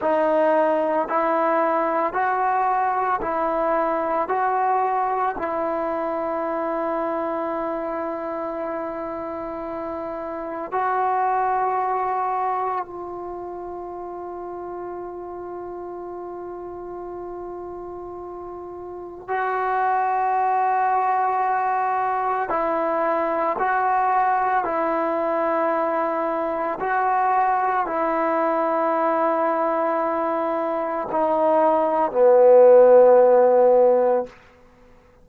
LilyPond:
\new Staff \with { instrumentName = "trombone" } { \time 4/4 \tempo 4 = 56 dis'4 e'4 fis'4 e'4 | fis'4 e'2.~ | e'2 fis'2 | f'1~ |
f'2 fis'2~ | fis'4 e'4 fis'4 e'4~ | e'4 fis'4 e'2~ | e'4 dis'4 b2 | }